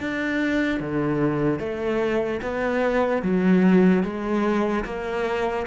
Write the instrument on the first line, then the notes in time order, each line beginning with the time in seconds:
cello
0.00 D4
0.80 D3
1.59 A3
2.42 B3
3.22 F#3
4.04 G#3
4.85 A#3